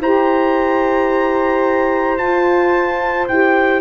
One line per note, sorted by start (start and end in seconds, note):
0.00 2.18 E4
0.00 2.17 G4
0.00 3.80 C5
0.00 2.18 A#5
2.17 3.27 F4
2.17 3.27 A5
3.28 3.80 E4
3.28 3.80 G4
3.28 3.80 G5